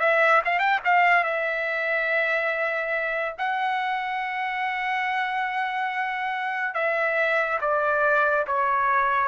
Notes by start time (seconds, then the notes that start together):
0.00 E5
0.45 F5
0.59 G5
0.85 F5
1.24 E5
3.38 F#5
6.75 E5
7.62 D5
8.47 C#5